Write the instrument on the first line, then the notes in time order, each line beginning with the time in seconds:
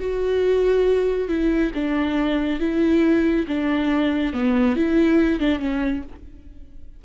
viola
0.00 F#4
1.29 E4
1.75 D4
2.60 E4
3.48 D4
4.34 B3
4.76 E4
5.40 D4
5.60 C#4